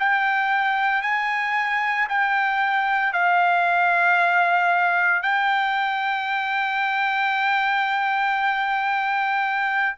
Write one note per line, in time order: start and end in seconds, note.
0.00 1.02 G5
1.02 2.08 G#5
2.09 3.13 G5
3.13 5.22 F5
5.22 9.96 G5